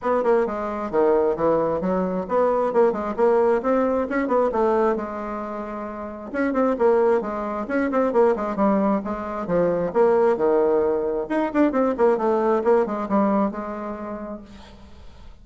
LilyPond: \new Staff \with { instrumentName = "bassoon" } { \time 4/4 \tempo 4 = 133 b8 ais8 gis4 dis4 e4 | fis4 b4 ais8 gis8 ais4 | c'4 cis'8 b8 a4 gis4~ | gis2 cis'8 c'8 ais4 |
gis4 cis'8 c'8 ais8 gis8 g4 | gis4 f4 ais4 dis4~ | dis4 dis'8 d'8 c'8 ais8 a4 | ais8 gis8 g4 gis2 | }